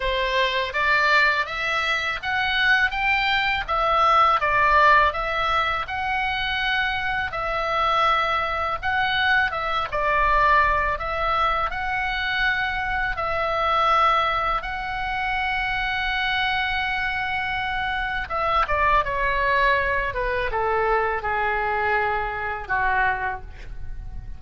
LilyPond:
\new Staff \with { instrumentName = "oboe" } { \time 4/4 \tempo 4 = 82 c''4 d''4 e''4 fis''4 | g''4 e''4 d''4 e''4 | fis''2 e''2 | fis''4 e''8 d''4. e''4 |
fis''2 e''2 | fis''1~ | fis''4 e''8 d''8 cis''4. b'8 | a'4 gis'2 fis'4 | }